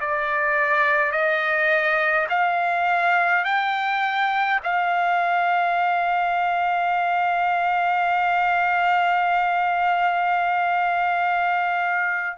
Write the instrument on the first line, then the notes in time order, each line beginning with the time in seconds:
trumpet
0.00 D5
1.11 D#5
2.29 F5
3.45 G5
4.63 F5